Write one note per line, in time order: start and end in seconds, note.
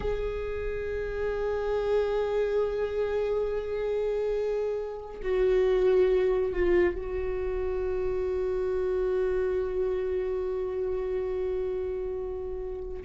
0.00 5.21 G#4
5.22 6.52 F#4
6.52 6.94 F4
6.94 13.03 F#4